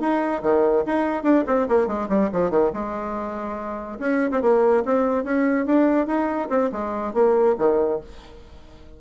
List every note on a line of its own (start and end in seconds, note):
0.00 0.42 D#4
0.43 0.84 D#3
0.86 1.24 D#4
1.24 1.45 D4
1.47 1.68 C4
1.69 1.87 A#3
1.87 2.08 G#3
2.09 2.30 G3
2.33 2.50 F3
2.50 2.71 D#3
2.73 3.99 G#3
3.99 4.31 C#4
4.31 4.42 C4
4.42 4.84 A#3
4.86 5.24 C4
5.24 5.66 C#4
5.66 6.07 D4
6.07 6.49 D#4
6.50 6.71 C4
6.72 7.14 G#3
7.14 7.56 A#3
7.59 8.01 D#3